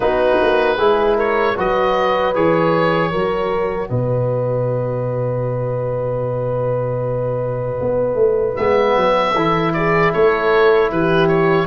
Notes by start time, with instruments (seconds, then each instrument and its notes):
0.00 tuba B3, trombone D#4, horn F#4, oboe B4
0.41 tuba A#3
0.77 tuba G#3, trombone E4, horn G#4
1.15 horn A#4, oboe C#5
1.55 tuba F#3, trombone F#4, horn B4, oboe D#5
2.34 tuba E3, trombone G#4, oboe C#5
3.11 tuba F#3, trombone F#4, horn A#4
3.88 tuba B2, horn B4, oboe D#5
7.80 tuba B3
8.14 tuba A3
8.56 tuba G#3, trombone B3, oboe E5
8.96 tuba F#3
9.34 tuba E3, trombone E4, horn A4
9.73 horn G#4, oboe D5
10.13 tuba A3, horn A4, oboe C#5
10.91 tuba E3, horn G4, oboe B4
11.28 oboe C#5